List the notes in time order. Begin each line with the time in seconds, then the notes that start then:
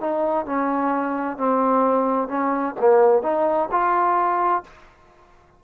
0.00 D#4
0.46 C#4
1.37 C4
2.28 C#4
2.80 A#3
3.23 D#4
3.71 F4